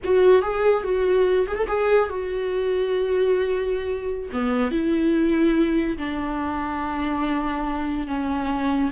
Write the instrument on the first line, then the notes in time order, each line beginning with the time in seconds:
viola
0.04 F#4
0.42 G#4
0.83 F#4
1.47 G#4
1.56 A4
1.67 G#4
2.09 F#4
4.32 B3
4.71 E4
5.97 D4
8.07 C#4